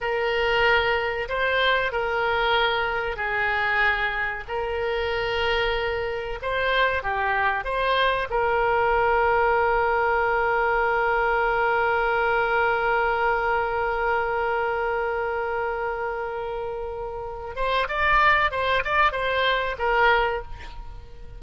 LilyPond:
\new Staff \with { instrumentName = "oboe" } { \time 4/4 \tempo 4 = 94 ais'2 c''4 ais'4~ | ais'4 gis'2 ais'4~ | ais'2 c''4 g'4 | c''4 ais'2.~ |
ais'1~ | ais'1~ | ais'2.~ ais'8 c''8 | d''4 c''8 d''8 c''4 ais'4 | }